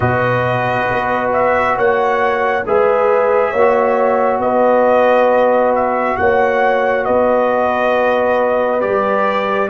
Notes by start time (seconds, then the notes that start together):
0.00 B2 F#4 B4 D#5
0.91 B3
1.33 E5
1.76 A#3 C#5 F#5
2.66 G#3 G#4 B4 E5
3.50 A#3 C#5
3.57 F#4
4.38 B3 B4 D#5
5.75 E5
6.16 A#3 C#5 F#5
7.05 B3 B4 D#5
8.80 G3 G4 D5